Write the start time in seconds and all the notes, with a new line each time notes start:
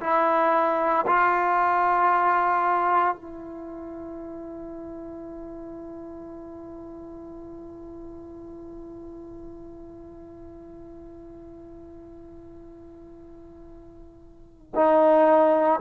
0.00 E4
1.06 F4
3.15 E4
14.75 D#4